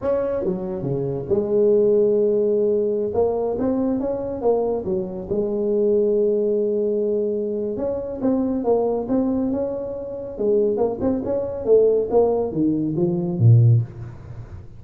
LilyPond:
\new Staff \with { instrumentName = "tuba" } { \time 4/4 \tempo 4 = 139 cis'4 fis4 cis4 gis4~ | gis2.~ gis16 ais8.~ | ais16 c'4 cis'4 ais4 fis8.~ | fis16 gis2.~ gis8.~ |
gis2 cis'4 c'4 | ais4 c'4 cis'2 | gis4 ais8 c'8 cis'4 a4 | ais4 dis4 f4 ais,4 | }